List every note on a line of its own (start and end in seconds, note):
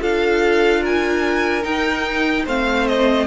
0.00 1.64 D4
0.00 1.62 F4
0.00 0.81 A4
0.00 0.84 F5
0.81 2.44 A#4
0.81 1.65 G#5
1.62 2.43 D#4
1.62 2.46 D#4
1.62 2.46 G5
2.45 3.27 A3
2.45 3.27 C4
2.45 3.26 C5
2.45 2.87 F5
2.87 3.27 D#5